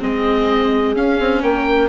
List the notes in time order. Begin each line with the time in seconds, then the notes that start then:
0.00 G#3 C4 G#4 D#5
0.96 C#4 F5
1.19 C4
1.43 A#3 A#4 G5